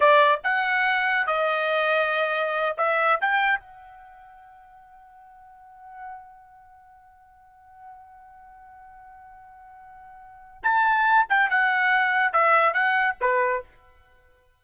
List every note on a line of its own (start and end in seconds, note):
0.00 0.39 D5
0.43 1.26 F#5
1.26 2.75 D#5
2.77 3.19 E5
3.21 3.59 G5
3.59 10.62 F#5
10.63 11.26 A5
11.29 11.50 G5
11.50 12.32 F#5
12.32 12.73 E5
12.73 13.16 F#5
13.20 13.63 B4